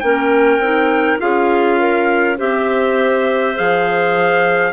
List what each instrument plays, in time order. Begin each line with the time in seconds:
0.00 bassoon A#3, clarinet C#4 A#4, trumpet G5
0.58 bassoon C4, clarinet D#4
1.19 bassoon C#4, clarinet F4 G#4, trumpet F5
1.79 clarinet A#4
2.38 bassoon C4, clarinet G4 C5, trumpet E5
3.56 bassoon F3, clarinet G#4, trumpet F5